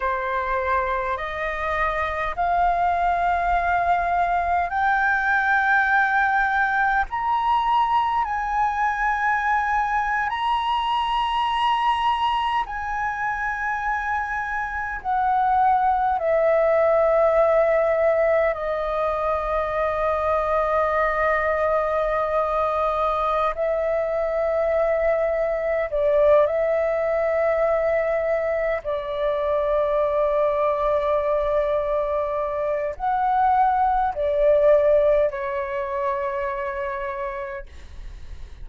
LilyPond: \new Staff \with { instrumentName = "flute" } { \time 4/4 \tempo 4 = 51 c''4 dis''4 f''2 | g''2 ais''4 gis''4~ | gis''8. ais''2 gis''4~ gis''16~ | gis''8. fis''4 e''2 dis''16~ |
dis''1 | e''2 d''8 e''4.~ | e''8 d''2.~ d''8 | fis''4 d''4 cis''2 | }